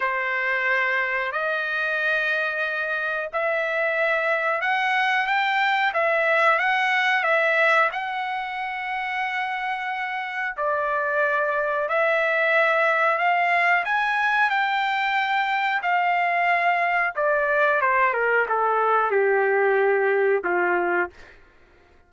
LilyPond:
\new Staff \with { instrumentName = "trumpet" } { \time 4/4 \tempo 4 = 91 c''2 dis''2~ | dis''4 e''2 fis''4 | g''4 e''4 fis''4 e''4 | fis''1 |
d''2 e''2 | f''4 gis''4 g''2 | f''2 d''4 c''8 ais'8 | a'4 g'2 f'4 | }